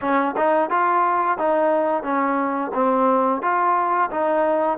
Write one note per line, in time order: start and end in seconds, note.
0.01 0.35 C#4
0.37 0.69 D#4
0.69 1.38 F4
1.38 2.03 D#4
2.03 2.71 C#4
2.73 3.42 C4
3.42 4.10 F4
4.11 4.78 D#4